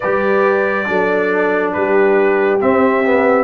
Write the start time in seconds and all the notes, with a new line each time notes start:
0.00 G3 G4 B4 D5
0.85 F#3 D4 A4
1.72 G3 G4 B4
2.60 C4 E5
3.04 B3